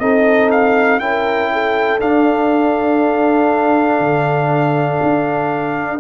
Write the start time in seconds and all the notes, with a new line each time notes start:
0.00 C4 D#4 A4 D#5
0.51 F5
1.00 C#4 E4 A#4 G5
1.53 A4
2.00 D4 F5
4.00 D3
5.03 D4